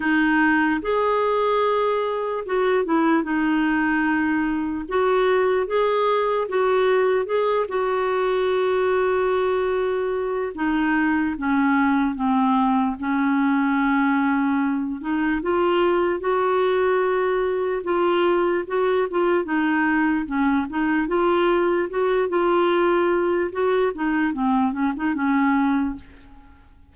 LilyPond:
\new Staff \with { instrumentName = "clarinet" } { \time 4/4 \tempo 4 = 74 dis'4 gis'2 fis'8 e'8 | dis'2 fis'4 gis'4 | fis'4 gis'8 fis'2~ fis'8~ | fis'4 dis'4 cis'4 c'4 |
cis'2~ cis'8 dis'8 f'4 | fis'2 f'4 fis'8 f'8 | dis'4 cis'8 dis'8 f'4 fis'8 f'8~ | f'4 fis'8 dis'8 c'8 cis'16 dis'16 cis'4 | }